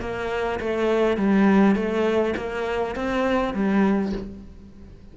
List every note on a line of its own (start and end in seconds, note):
0.00 0.59 A#3
0.60 1.17 A3
1.17 1.75 G3
1.75 2.34 A3
2.36 2.95 A#3
2.95 3.53 C4
3.53 4.12 G3